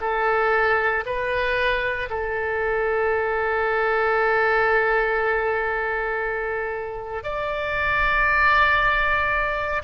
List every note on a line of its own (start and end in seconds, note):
0.00 1.03 A4
1.05 2.09 B4
2.09 7.23 A4
7.23 9.82 D5